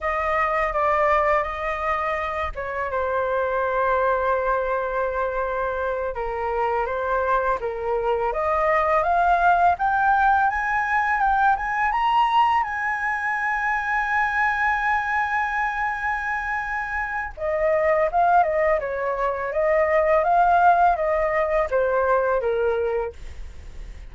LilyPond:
\new Staff \with { instrumentName = "flute" } { \time 4/4 \tempo 4 = 83 dis''4 d''4 dis''4. cis''8 | c''1~ | c''8 ais'4 c''4 ais'4 dis''8~ | dis''8 f''4 g''4 gis''4 g''8 |
gis''8 ais''4 gis''2~ gis''8~ | gis''1 | dis''4 f''8 dis''8 cis''4 dis''4 | f''4 dis''4 c''4 ais'4 | }